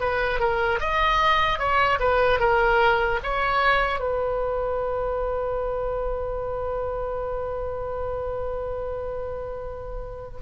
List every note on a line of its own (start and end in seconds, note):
0.00 0.40 B4
0.40 0.80 A#4
0.80 1.59 D#5
1.59 1.99 C#5
1.99 2.39 B4
2.40 3.20 A#4
3.23 4.00 C#5
4.00 10.40 B4